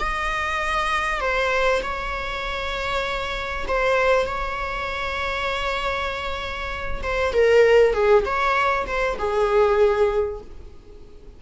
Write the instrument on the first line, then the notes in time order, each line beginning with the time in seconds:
viola
0.00 D#5
1.21 C5
1.83 C#5
3.68 C5
4.27 C#5
7.03 C5
7.34 A#4
7.94 G#4
8.26 C#5
8.87 C5
9.19 G#4